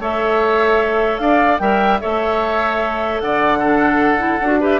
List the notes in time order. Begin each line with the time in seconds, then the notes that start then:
0.00 A3 A4 C#5 E5
1.18 D4 D5 F5
1.59 G3 A#4 E5 G5
2.01 A3 A4 C#5 E5
3.20 D3 D5 F#5
3.59 D4 A4
4.18 E4
4.40 D4 F#4
4.60 G4 B4 E5